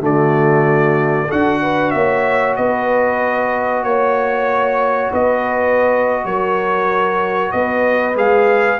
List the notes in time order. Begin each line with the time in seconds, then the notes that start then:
0.00 D3 A3 F#4 D5
1.28 D4 F#4 A4 F#5
1.62 B4
1.91 A#3 C#5 E5
2.56 B3 B4 D#5
3.84 A#3 C#5
5.11 B3 B4 D#5
6.25 F#3 A#4 C#5
7.52 B3 B4 D#5
8.15 G#3 G#4 F5